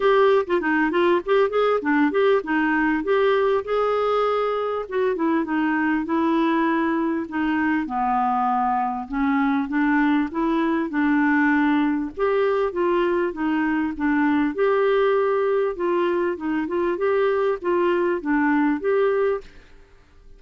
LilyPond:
\new Staff \with { instrumentName = "clarinet" } { \time 4/4 \tempo 4 = 99 g'8. f'16 dis'8 f'8 g'8 gis'8 d'8 g'8 | dis'4 g'4 gis'2 | fis'8 e'8 dis'4 e'2 | dis'4 b2 cis'4 |
d'4 e'4 d'2 | g'4 f'4 dis'4 d'4 | g'2 f'4 dis'8 f'8 | g'4 f'4 d'4 g'4 | }